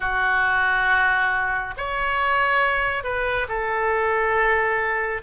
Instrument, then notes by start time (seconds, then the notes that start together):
oboe
0.00 F#4
1.77 C#5
3.03 B4
3.48 A4